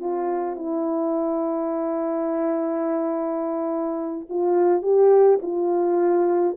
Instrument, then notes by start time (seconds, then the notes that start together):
horn
0.00 F4
0.56 E4
4.30 F4
4.83 G4
5.43 F4